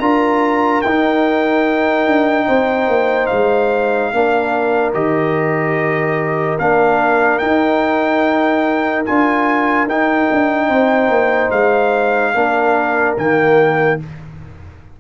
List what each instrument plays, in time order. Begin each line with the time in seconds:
0.00 tuba D4, trombone F4, horn A#4, trumpet A#5
0.82 tuba D#4, trumpet G5
0.88 trombone D#4
2.07 tuba D4
2.47 tuba C4, horn C5
2.88 tuba A#3
3.27 tuba G#3, trumpet F5
4.13 tuba A#3, trombone D4, horn A#4
4.94 tuba D#3, trombone G4, trumpet D#5
6.59 tuba A#3, trombone D4, trumpet F5
7.39 trombone D#4, tuba D#4, trumpet G5
9.05 tuba D4, trombone F4, trumpet G#5
9.87 tuba D#4, trombone D#4, trumpet G5
10.32 tuba D4
10.68 tuba C4, horn C5
11.09 tuba A#3
11.51 tuba G#3, trumpet F5
12.34 tuba A#3, trombone D4, horn A#4
13.17 tuba D#3, trombone A#3, trumpet G5